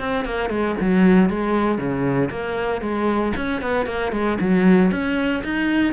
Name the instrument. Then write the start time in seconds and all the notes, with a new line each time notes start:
cello
0.00 C4
0.25 A#3
0.50 G#3
0.81 F#3
1.30 G#3
1.78 C#3
2.31 A#3
2.82 G#3
3.37 C#4
3.62 B3
3.87 A#3
4.12 G#3
4.41 F#3
4.92 C#4
5.44 D#4